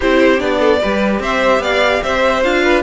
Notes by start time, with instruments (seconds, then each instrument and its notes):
0.00 cello C4, viola E4, violin G4 C5
0.37 cello B3, viola D4, violin D5
0.59 violin A4
0.81 cello G3, viola G4, violin B4
1.20 cello C4, violin C5 E5
1.59 cello B3, violin D5 F5
2.02 cello C4, violin C5 E5
2.43 cello D4, viola F4, violin F5
2.63 violin B4